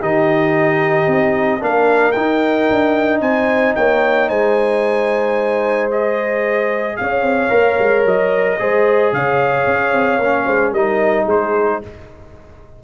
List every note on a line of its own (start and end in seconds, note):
0.00 1.07 D#3
0.00 1.60 D#4
0.00 1.61 G4
0.00 1.63 D#5
1.07 1.61 C4
1.60 2.16 A#3
1.60 2.14 D4
1.60 3.21 A#4
1.60 2.12 F5
2.12 5.91 D#4
2.12 2.70 D#4
2.12 3.19 G5
2.70 3.21 D4
3.21 3.74 C4
3.21 3.75 C5
3.21 3.75 G#5
3.76 4.29 A#3
3.76 4.29 C#5
3.76 4.29 G5
4.29 6.97 G#3
4.29 6.97 C5
4.29 5.90 G#5
5.91 7.50 G#4
5.91 6.97 D#5
6.97 7.22 C#4
6.97 8.60 C#5
6.97 8.04 F5
7.22 7.49 C4
7.50 7.78 A#3
7.50 8.57 A#4
7.79 8.05 G#3
8.05 8.59 F#3
8.05 9.13 D#5
8.59 9.12 G#3
8.59 10.20 G#4
8.59 9.14 C5
9.12 9.66 C#3
9.12 10.45 C#5
9.12 10.73 F5
9.66 9.93 C#4
9.93 10.19 C4
10.19 10.46 A#3
10.19 10.76 C#4
10.45 10.72 G#3
10.45 10.72 C5
10.72 11.26 G3
10.72 11.83 D#4
10.72 11.24 A#4
10.72 11.27 D#5
11.24 11.81 G#3
11.24 11.78 G#4
11.24 11.83 C5